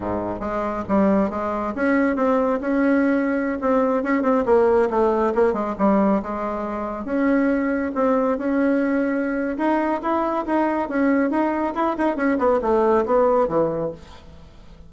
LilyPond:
\new Staff \with { instrumentName = "bassoon" } { \time 4/4 \tempo 4 = 138 gis,4 gis4 g4 gis4 | cis'4 c'4 cis'2~ | cis'16 c'4 cis'8 c'8 ais4 a8.~ | a16 ais8 gis8 g4 gis4.~ gis16~ |
gis16 cis'2 c'4 cis'8.~ | cis'2 dis'4 e'4 | dis'4 cis'4 dis'4 e'8 dis'8 | cis'8 b8 a4 b4 e4 | }